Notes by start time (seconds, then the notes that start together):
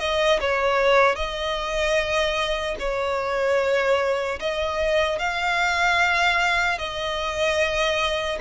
0.00 D#5
0.41 C#5
1.16 D#5
2.80 C#5
4.40 D#5
5.19 F5
6.79 D#5